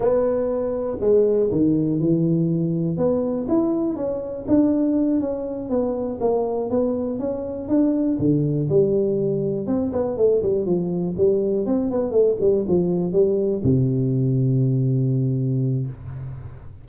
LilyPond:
\new Staff \with { instrumentName = "tuba" } { \time 4/4 \tempo 4 = 121 b2 gis4 dis4 | e2 b4 e'4 | cis'4 d'4. cis'4 b8~ | b8 ais4 b4 cis'4 d'8~ |
d'8 d4 g2 c'8 | b8 a8 g8 f4 g4 c'8 | b8 a8 g8 f4 g4 c8~ | c1 | }